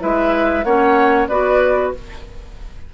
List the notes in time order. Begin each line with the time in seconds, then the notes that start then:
0.00 G#3 E4 B4 E5
0.64 A#3 C#4 C#5 F#5
1.28 B3 F#4 B4 D5